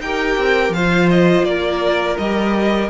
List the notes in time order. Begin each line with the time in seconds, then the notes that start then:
0.00 D#4 G4 A#4 G5
0.37 C4
0.69 F3 C5 F5
0.76 F4
1.09 D#5
1.44 A#3 A#4 D5
2.17 G3 G4 D#5